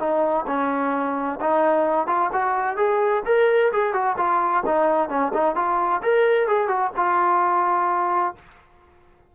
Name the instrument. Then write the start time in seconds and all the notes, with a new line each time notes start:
trombone
0.00 D#4
0.48 C#4
1.41 D#4
2.08 F4
2.33 F#4
2.77 G#4
3.26 A#4
3.73 G#4
3.94 F#4
4.18 F4
4.66 D#4
5.10 C#4
5.34 D#4
5.56 F4
6.03 A#4
6.48 G#4
6.69 F#4
6.97 F4